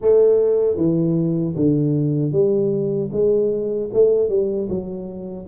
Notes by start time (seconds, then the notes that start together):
0.01 A3
0.76 E3
1.55 D3
2.32 G3
3.12 G#3
3.93 A3
4.29 G3
4.69 F#3